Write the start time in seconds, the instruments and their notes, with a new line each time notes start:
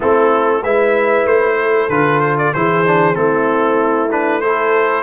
0.00 tuba A3, trombone C4, horn E4, trumpet A4
0.62 tuba G#3, trombone E4, horn B4, trumpet E5
1.25 tuba A3, trumpet C5
1.60 horn A4
1.89 tuba D3, trombone F4, trumpet B4
2.20 trumpet C5
2.38 trumpet D5
2.53 tuba E3, trombone E4, horn G#4, trumpet C5
2.85 trombone D4
3.14 tuba A3, trombone C4, horn E4, trumpet A4
4.10 trombone D4, trumpet B4
4.40 trombone E4, horn A4, trumpet C5